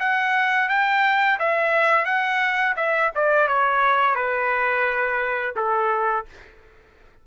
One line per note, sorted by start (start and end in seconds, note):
0.00 0.69 F#5
0.69 1.39 G5
1.40 2.05 E5
2.05 2.75 F#5
2.77 3.11 E5
3.16 3.48 D5
3.48 4.15 C#5
4.15 5.55 B4
5.56 6.26 A4